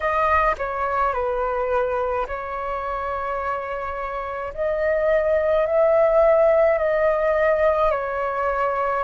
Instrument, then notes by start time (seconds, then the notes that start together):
flute
0.00 D#5
0.58 C#5
1.13 B4
2.27 C#5
4.53 D#5
5.66 E5
6.78 D#5
7.90 C#5